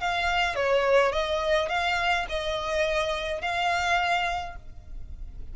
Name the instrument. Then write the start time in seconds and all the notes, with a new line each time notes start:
violin
0.00 F5
0.55 C#5
1.12 D#5
1.69 F5
2.29 D#5
3.42 F5